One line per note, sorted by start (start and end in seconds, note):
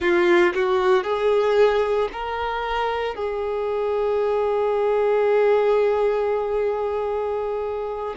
0.00 0.53 F4
0.54 1.03 F#4
1.03 2.09 G#4
2.12 3.15 A#4
3.15 8.15 G#4